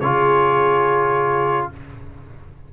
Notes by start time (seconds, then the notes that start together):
0.00 C#3 F4 G#4 C#5